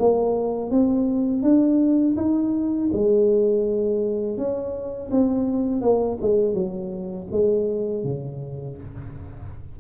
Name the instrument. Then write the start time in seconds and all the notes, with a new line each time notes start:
tuba
0.00 A#3
0.71 C4
1.43 D4
2.17 D#4
2.93 G#3
4.38 C#4
5.12 C4
5.82 A#3
6.22 G#3
6.54 F#3
7.32 G#3
8.04 C#3